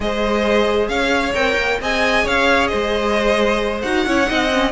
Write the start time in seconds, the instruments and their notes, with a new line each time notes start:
0.00 cello G#3, viola G#4, violin C5 D#5
0.88 cello C#4, violin C#5 F5
1.34 cello C4, viola A#4, violin G5
1.57 cello A#3
1.80 cello C4, viola G#4, violin D#5 G#5
2.24 cello C#4, violin C#5 F5
2.67 violin C5 D#5
2.73 cello G#3
3.81 cello D#4, viola F#4, violin F#5
4.06 cello C#4, viola E4, violin C#5
4.26 cello C4, viola D#4, violin D#5
4.53 viola C#4